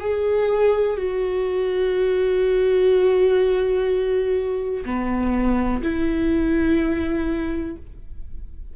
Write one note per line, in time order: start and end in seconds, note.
0.00 0.97 G#4
0.97 4.84 F#4
4.85 5.82 B3
5.83 7.76 E4